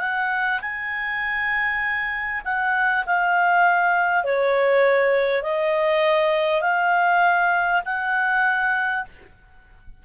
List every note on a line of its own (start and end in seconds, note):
0.00 0.60 F#5
0.61 2.41 G#5
2.44 3.04 F#5
3.05 4.24 F5
4.24 5.43 C#5
5.43 6.61 D#5
6.61 7.81 F5
7.85 9.05 F#5